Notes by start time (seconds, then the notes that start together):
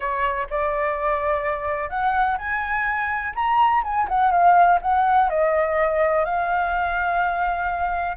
0.00 C#5
0.50 D5
1.89 F#5
2.38 G#5
3.35 A#5
3.83 G#5
4.08 F#5
4.31 F5
4.81 F#5
5.29 D#5
6.24 F5